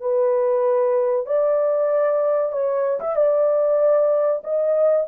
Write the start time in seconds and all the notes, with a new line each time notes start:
0.00 B4
1.26 D5
2.52 C#5
3.00 E5
3.16 D5
4.44 D#5